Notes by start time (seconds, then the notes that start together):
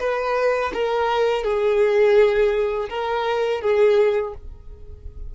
0.00 B4
0.74 A#4
1.44 G#4
2.89 A#4
3.61 G#4